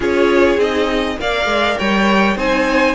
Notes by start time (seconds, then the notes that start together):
0.00 C#4 F4 G#4 C#5
0.57 C4 D#4 D#5
1.19 A#3 A#4 D5 F5
1.45 G#3
1.77 G3 C#5 G5
2.35 C4 D#4 C5 G#5